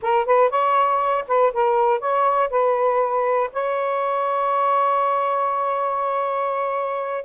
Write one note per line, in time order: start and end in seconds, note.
0.01 0.25 A#4
0.25 0.50 B4
0.50 1.25 C#5
1.27 1.52 B4
1.53 1.99 A#4
1.99 2.49 C#5
2.50 3.50 B4
3.52 7.24 C#5